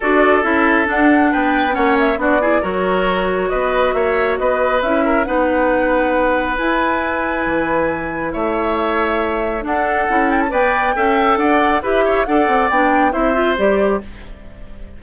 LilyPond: <<
  \new Staff \with { instrumentName = "flute" } { \time 4/4 \tempo 4 = 137 d''4 e''4 fis''4 g''4 | fis''8 e''8 d''4 cis''2 | dis''4 e''4 dis''4 e''4 | fis''2. gis''4~ |
gis''2. e''4~ | e''2 fis''4. g''16 a''16 | g''2 fis''4 e''4 | fis''4 g''4 e''4 d''4 | }
  \new Staff \with { instrumentName = "oboe" } { \time 4/4 a'2. b'4 | cis''4 fis'8 gis'8 ais'2 | b'4 cis''4 b'4. ais'8 | b'1~ |
b'2. cis''4~ | cis''2 a'2 | d''4 e''4 d''4 b'8 cis''8 | d''2 c''2 | }
  \new Staff \with { instrumentName = "clarinet" } { \time 4/4 fis'4 e'4 d'2 | cis'4 d'8 e'8 fis'2~ | fis'2. e'4 | dis'2. e'4~ |
e'1~ | e'2 d'4 e'4 | b'4 a'2 g'4 | a'4 d'4 e'8 f'8 g'4 | }
  \new Staff \with { instrumentName = "bassoon" } { \time 4/4 d'4 cis'4 d'4 b4 | ais4 b4 fis2 | b4 ais4 b4 cis'4 | b2. e'4~ |
e'4 e2 a4~ | a2 d'4 cis'4 | b4 cis'4 d'4 e'4 | d'8 c'8 b4 c'4 g4 | }
>>